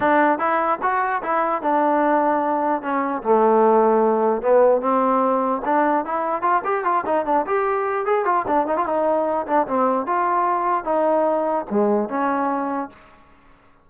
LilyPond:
\new Staff \with { instrumentName = "trombone" } { \time 4/4 \tempo 4 = 149 d'4 e'4 fis'4 e'4 | d'2. cis'4 | a2. b4 | c'2 d'4 e'4 |
f'8 g'8 f'8 dis'8 d'8 g'4. | gis'8 f'8 d'8 dis'16 f'16 dis'4. d'8 | c'4 f'2 dis'4~ | dis'4 gis4 cis'2 | }